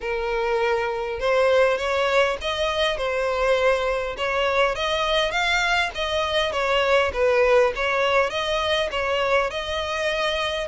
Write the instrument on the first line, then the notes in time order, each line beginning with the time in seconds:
violin
0.00 A#4
1.19 C5
1.77 C#5
2.41 D#5
2.97 C5
4.17 C#5
4.75 D#5
5.31 F5
5.95 D#5
6.52 C#5
7.13 B4
7.75 C#5
8.30 D#5
8.91 C#5
9.50 D#5